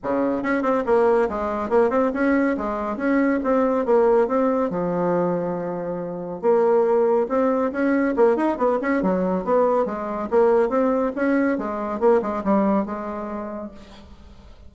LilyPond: \new Staff \with { instrumentName = "bassoon" } { \time 4/4 \tempo 4 = 140 cis4 cis'8 c'8 ais4 gis4 | ais8 c'8 cis'4 gis4 cis'4 | c'4 ais4 c'4 f4~ | f2. ais4~ |
ais4 c'4 cis'4 ais8 dis'8 | b8 cis'8 fis4 b4 gis4 | ais4 c'4 cis'4 gis4 | ais8 gis8 g4 gis2 | }